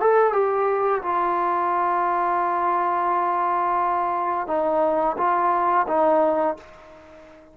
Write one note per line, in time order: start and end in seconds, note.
0.00 0.33 A4
0.33 1.02 G4
1.02 4.47 F4
4.47 5.16 D#4
5.17 5.86 F4
5.88 6.57 D#4